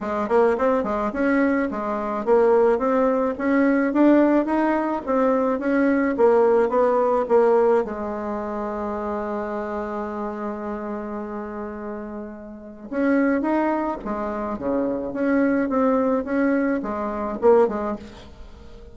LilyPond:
\new Staff \with { instrumentName = "bassoon" } { \time 4/4 \tempo 4 = 107 gis8 ais8 c'8 gis8 cis'4 gis4 | ais4 c'4 cis'4 d'4 | dis'4 c'4 cis'4 ais4 | b4 ais4 gis2~ |
gis1~ | gis2. cis'4 | dis'4 gis4 cis4 cis'4 | c'4 cis'4 gis4 ais8 gis8 | }